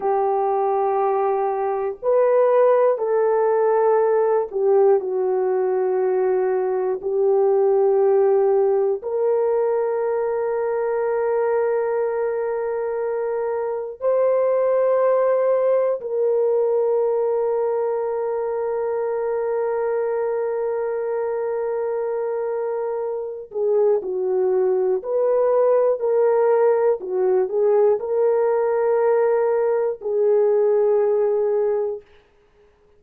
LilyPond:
\new Staff \with { instrumentName = "horn" } { \time 4/4 \tempo 4 = 60 g'2 b'4 a'4~ | a'8 g'8 fis'2 g'4~ | g'4 ais'2.~ | ais'2 c''2 |
ais'1~ | ais'2.~ ais'8 gis'8 | fis'4 b'4 ais'4 fis'8 gis'8 | ais'2 gis'2 | }